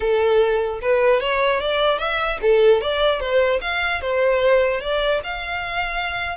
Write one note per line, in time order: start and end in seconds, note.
0.00 0.79 A4
0.81 1.20 B4
1.20 1.60 C#5
1.60 1.99 D5
1.99 2.39 E5
2.41 2.81 A4
2.81 3.20 D5
3.20 3.60 C5
3.61 4.01 F5
4.01 4.81 C5
4.81 5.21 D5
5.23 6.37 F5